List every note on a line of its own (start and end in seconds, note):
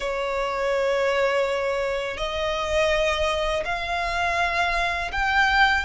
0.00 2.17 C#5
2.17 3.63 D#5
3.64 5.11 F5
5.12 5.85 G5